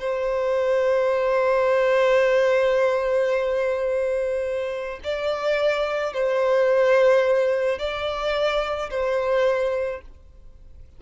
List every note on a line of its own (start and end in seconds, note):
0.00 5.00 C5
5.04 6.14 D5
6.14 7.79 C5
7.79 8.90 D5
8.91 10.02 C5